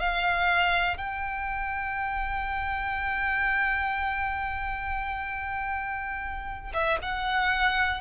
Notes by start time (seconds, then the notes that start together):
0.00 F5
0.98 G5
6.74 E5
7.03 F#5